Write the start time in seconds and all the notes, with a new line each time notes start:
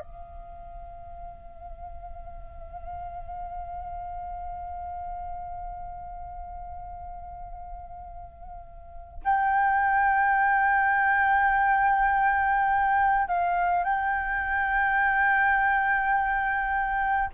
0.00 F5
9.25 G5
13.28 F5
13.85 G5